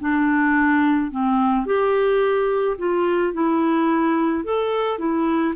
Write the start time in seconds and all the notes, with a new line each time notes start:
0.00 D4
1.11 C4
1.66 G4
2.78 F4
3.33 E4
4.44 A4
4.98 E4